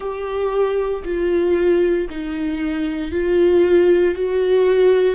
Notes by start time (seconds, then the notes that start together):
0.00 G4
1.04 F4
2.10 D#4
3.11 F4
4.14 F#4